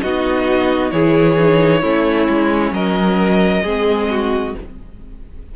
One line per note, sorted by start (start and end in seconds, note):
0.00 0.91 B3
0.00 0.91 D#4
0.00 0.93 F#4
0.00 0.91 D#5
0.91 1.82 E3
0.91 1.37 E4
0.91 1.81 G#4
0.91 2.73 C#5
1.38 1.82 D#4
1.81 2.28 A3
1.81 3.64 C#4
1.81 2.72 E4
2.29 2.71 G#3
2.71 3.62 F#3
2.71 3.62 A#4
2.71 4.55 D#5
3.62 4.54 G#3
3.62 4.55 C4
3.62 4.08 G#4
4.10 4.55 F#4